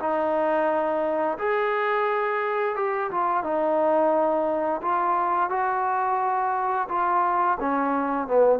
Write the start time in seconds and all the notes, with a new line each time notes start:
0.00 D#4
1.39 G#4
2.76 G4
3.11 F4
3.43 D#4
4.82 F4
5.50 F#4
6.89 F4
7.60 C#4
8.28 B3